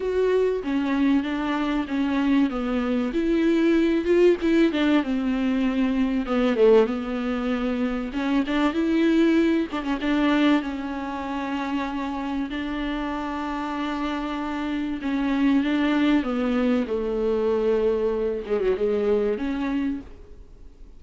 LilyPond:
\new Staff \with { instrumentName = "viola" } { \time 4/4 \tempo 4 = 96 fis'4 cis'4 d'4 cis'4 | b4 e'4. f'8 e'8 d'8 | c'2 b8 a8 b4~ | b4 cis'8 d'8 e'4. d'16 cis'16 |
d'4 cis'2. | d'1 | cis'4 d'4 b4 a4~ | a4. gis16 fis16 gis4 cis'4 | }